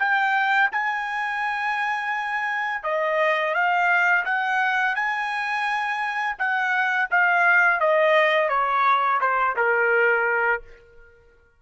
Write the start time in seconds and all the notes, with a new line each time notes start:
0.00 G5
0.73 G#5
2.84 D#5
3.55 F5
4.25 F#5
4.96 G#5
6.39 F#5
7.11 F5
7.81 D#5
8.50 C#5
9.21 C5
9.57 A#4